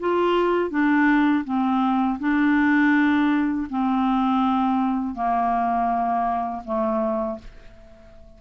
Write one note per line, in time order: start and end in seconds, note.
0.00 0.70 F4
0.70 1.44 D4
1.45 2.19 C4
2.20 3.68 D4
3.70 5.15 C4
5.15 6.63 A#3
6.65 7.39 A3